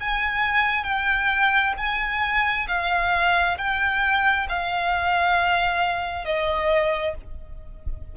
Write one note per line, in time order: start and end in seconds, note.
0.00 0.83 G#5
0.83 1.73 G5
1.77 2.67 G#5
2.67 3.57 F5
3.57 4.47 G5
4.49 6.25 F5
6.25 7.14 D#5